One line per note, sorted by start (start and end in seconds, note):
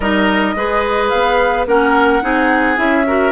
0.00 0.54 G3
0.00 0.56 D#4
0.00 0.55 A#4
0.00 1.09 D#5
0.55 1.11 G#3
0.55 1.67 G#4
0.55 1.67 B4
1.09 1.66 B3
1.09 1.64 F5
1.66 2.21 A#3
1.66 2.22 C#4
1.66 2.23 A#4
1.66 2.77 F#5
2.22 2.78 C4
2.22 2.76 D#4
2.22 3.06 G#4
2.76 3.31 C#4
2.76 3.04 E4
2.76 3.31 E5
3.06 3.31 F#4
3.06 3.31 A#4